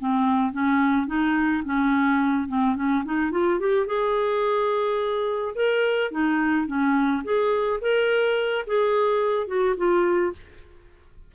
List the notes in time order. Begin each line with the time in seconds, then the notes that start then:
0.00 C4
0.53 C#4
1.07 D#4
1.65 C#4
2.48 C4
2.76 C#4
3.05 D#4
3.32 F4
3.60 G4
3.87 G#4
5.55 A#4
6.11 D#4
6.67 C#4
7.24 G#4
7.81 A#4
8.67 G#4
9.47 F#4
9.77 F4